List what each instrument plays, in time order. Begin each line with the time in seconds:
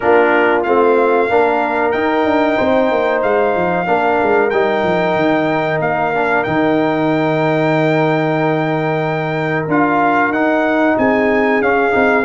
0.00 tuba A#3, trombone D4, horn F4, trumpet A#4
0.63 tuba A3, trombone C4, trumpet F5
1.28 tuba A#3, trombone D4, horn A#4
1.91 trombone D#4, tuba D#4, trumpet G5
2.24 tuba D4
2.57 tuba C4, horn C5
2.91 tuba A#3
3.22 tuba G#3, trumpet F5
3.55 tuba F3
3.86 tuba A#3, trombone D4, horn A#4
4.22 tuba G#3
4.50 tuba G3, trombone D#4, trumpet G5
4.83 tuba F3
5.15 tuba D#3
5.79 tuba A#3, trumpet F5
6.14 trombone D4
6.43 tuba D#3, trombone D#4, trumpet G5
9.67 tuba D4, trombone F4, trumpet F5
10.29 tuba D#4, trombone D#4, trumpet F#5
10.97 tuba C4, horn G#4, trumpet G#5
11.60 tuba C#4, trombone C#4, trumpet F5
11.90 tuba C4, trombone D#4